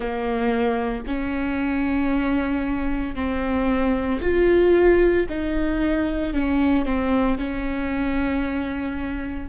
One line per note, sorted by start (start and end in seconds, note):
0.00 1.02 A#3
1.06 3.15 C#4
3.15 4.20 C4
4.21 5.26 F4
5.29 6.33 D#4
6.33 6.85 C#4
6.85 7.37 C4
7.38 9.48 C#4